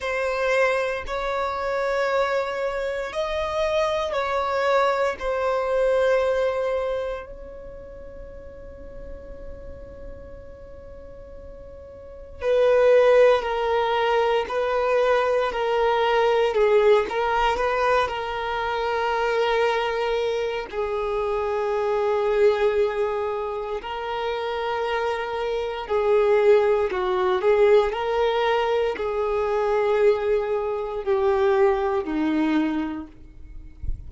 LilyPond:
\new Staff \with { instrumentName = "violin" } { \time 4/4 \tempo 4 = 58 c''4 cis''2 dis''4 | cis''4 c''2 cis''4~ | cis''1 | b'4 ais'4 b'4 ais'4 |
gis'8 ais'8 b'8 ais'2~ ais'8 | gis'2. ais'4~ | ais'4 gis'4 fis'8 gis'8 ais'4 | gis'2 g'4 dis'4 | }